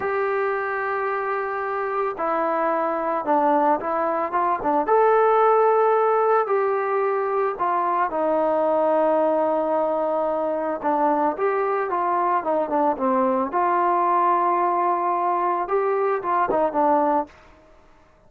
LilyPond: \new Staff \with { instrumentName = "trombone" } { \time 4/4 \tempo 4 = 111 g'1 | e'2 d'4 e'4 | f'8 d'8 a'2. | g'2 f'4 dis'4~ |
dis'1 | d'4 g'4 f'4 dis'8 d'8 | c'4 f'2.~ | f'4 g'4 f'8 dis'8 d'4 | }